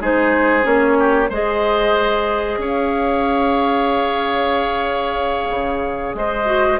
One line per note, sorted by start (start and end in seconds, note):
0.00 0.65 G#3
0.00 0.62 D#4
0.00 0.98 G#4
0.00 0.65 C5
0.62 1.30 A#3
0.62 1.27 C#4
0.62 1.30 C#5
0.99 1.29 G4
1.29 2.57 G#3
1.29 6.46 G#4
1.29 2.58 C5
1.29 2.61 D#5
2.57 5.48 C#4
2.57 6.16 C#5
2.57 6.15 F5
5.49 6.14 C#3
6.14 6.79 G#3
6.14 6.80 C5
6.14 6.80 D#5
6.46 6.78 F#4